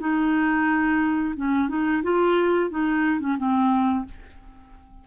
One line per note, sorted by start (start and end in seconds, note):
0.00 1.35 D#4
1.36 1.69 C#4
1.69 2.03 D#4
2.03 2.70 F4
2.70 3.20 D#4
3.20 3.37 C#4
3.38 4.05 C4